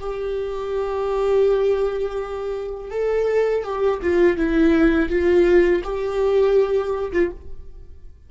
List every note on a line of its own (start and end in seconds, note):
0.00 2.91 G4
2.91 3.64 A4
3.64 4.00 G4
4.02 4.38 F4
4.38 5.10 E4
5.10 5.83 F4
5.84 7.12 G4
7.13 7.31 F4